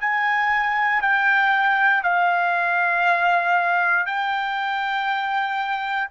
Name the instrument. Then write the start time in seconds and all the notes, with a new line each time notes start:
trumpet
0.00 G#5
1.02 G5
2.03 F5
4.06 G5